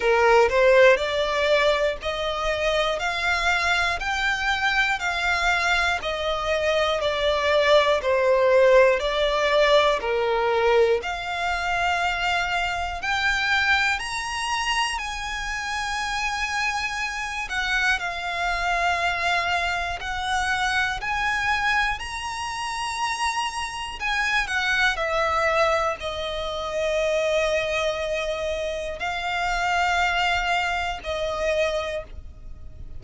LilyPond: \new Staff \with { instrumentName = "violin" } { \time 4/4 \tempo 4 = 60 ais'8 c''8 d''4 dis''4 f''4 | g''4 f''4 dis''4 d''4 | c''4 d''4 ais'4 f''4~ | f''4 g''4 ais''4 gis''4~ |
gis''4. fis''8 f''2 | fis''4 gis''4 ais''2 | gis''8 fis''8 e''4 dis''2~ | dis''4 f''2 dis''4 | }